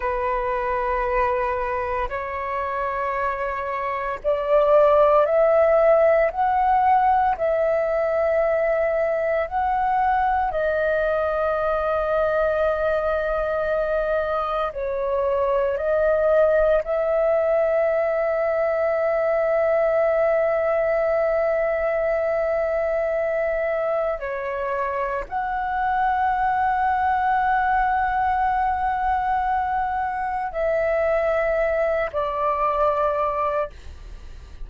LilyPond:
\new Staff \with { instrumentName = "flute" } { \time 4/4 \tempo 4 = 57 b'2 cis''2 | d''4 e''4 fis''4 e''4~ | e''4 fis''4 dis''2~ | dis''2 cis''4 dis''4 |
e''1~ | e''2. cis''4 | fis''1~ | fis''4 e''4. d''4. | }